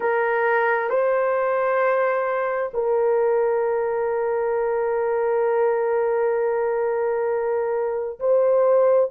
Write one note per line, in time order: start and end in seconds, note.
0.00 0.89 A#4
0.89 2.71 C5
2.73 8.19 A#4
8.19 9.10 C5